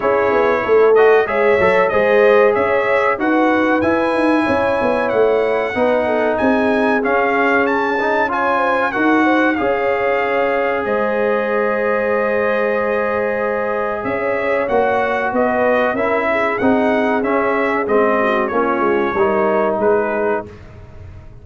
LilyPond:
<<
  \new Staff \with { instrumentName = "trumpet" } { \time 4/4 \tempo 4 = 94 cis''4. dis''8 e''4 dis''4 | e''4 fis''4 gis''2 | fis''2 gis''4 f''4 | a''4 gis''4 fis''4 f''4~ |
f''4 dis''2.~ | dis''2 e''4 fis''4 | dis''4 e''4 fis''4 e''4 | dis''4 cis''2 b'4 | }
  \new Staff \with { instrumentName = "horn" } { \time 4/4 gis'4 a'4 cis''4 c''4 | cis''4 b'2 cis''4~ | cis''4 b'8 a'8 gis'2~ | gis'4 cis''8 c''8 ais'8 c''8 cis''4~ |
cis''4 c''2.~ | c''2 cis''2 | b'4 ais'8 gis'2~ gis'8~ | gis'8 fis'8 f'4 ais'4 gis'4 | }
  \new Staff \with { instrumentName = "trombone" } { \time 4/4 e'4. fis'8 gis'8 a'8 gis'4~ | gis'4 fis'4 e'2~ | e'4 dis'2 cis'4~ | cis'8 dis'8 f'4 fis'4 gis'4~ |
gis'1~ | gis'2. fis'4~ | fis'4 e'4 dis'4 cis'4 | c'4 cis'4 dis'2 | }
  \new Staff \with { instrumentName = "tuba" } { \time 4/4 cis'8 b8 a4 gis8 fis8 gis4 | cis'4 dis'4 e'8 dis'8 cis'8 b8 | a4 b4 c'4 cis'4~ | cis'2 dis'4 cis'4~ |
cis'4 gis2.~ | gis2 cis'4 ais4 | b4 cis'4 c'4 cis'4 | gis4 ais8 gis8 g4 gis4 | }
>>